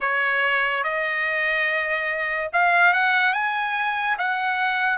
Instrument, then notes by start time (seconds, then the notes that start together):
trumpet
0.00 C#5
0.83 D#5
2.52 F5
2.93 F#5
3.33 G#5
4.18 F#5